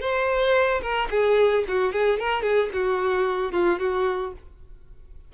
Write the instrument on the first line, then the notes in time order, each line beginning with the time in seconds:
violin
0.00 C5
0.81 A#4
1.10 G#4
1.68 F#4
1.92 G#4
2.19 A#4
2.42 G#4
2.73 F#4
3.52 F4
3.79 F#4